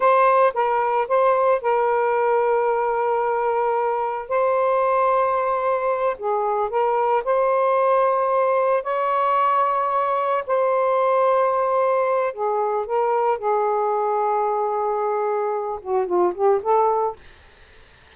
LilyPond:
\new Staff \with { instrumentName = "saxophone" } { \time 4/4 \tempo 4 = 112 c''4 ais'4 c''4 ais'4~ | ais'1 | c''2.~ c''8 gis'8~ | gis'8 ais'4 c''2~ c''8~ |
c''8 cis''2. c''8~ | c''2. gis'4 | ais'4 gis'2.~ | gis'4. fis'8 f'8 g'8 a'4 | }